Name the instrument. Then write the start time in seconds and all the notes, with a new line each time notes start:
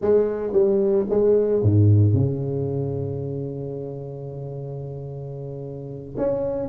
tuba
0.01 G#3
0.52 G3
1.09 G#3
1.62 G#2
2.13 C#3
6.17 C#4